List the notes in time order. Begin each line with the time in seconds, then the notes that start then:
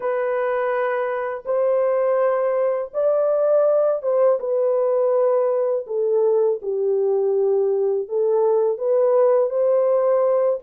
0.00 B4
1.45 C5
2.93 D5
4.02 C5
4.39 B4
5.86 A4
6.62 G4
8.08 A4
8.77 B4
9.49 C5